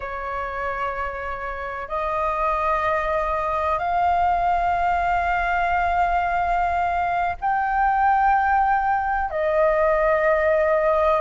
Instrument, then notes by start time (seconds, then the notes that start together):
flute
0.00 C#5
1.88 D#5
3.78 F5
7.40 G5
9.30 D#5